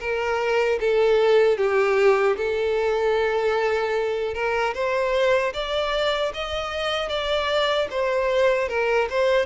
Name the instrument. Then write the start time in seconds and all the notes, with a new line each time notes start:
violin
0.00 A#4
0.80 A4
1.58 G4
2.37 A4
4.34 A#4
4.74 C5
5.54 D5
6.34 D#5
7.09 D5
7.91 C5
8.69 A#4
9.10 C5